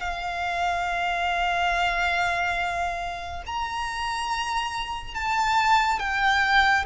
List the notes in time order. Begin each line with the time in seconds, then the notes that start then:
0.00 F5
3.46 A#5
5.15 A5
6.00 G5